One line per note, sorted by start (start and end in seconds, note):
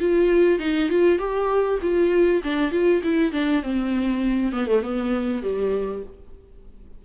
0.00 0.59 F4
0.59 0.90 D#4
0.90 1.18 F4
1.18 1.79 G4
1.82 2.42 F4
2.44 2.72 D4
2.72 3.02 F4
3.04 3.32 E4
3.32 3.63 D4
3.63 4.52 C4
4.52 4.67 B3
4.67 4.82 A3
4.82 5.43 B3
5.43 6.03 G3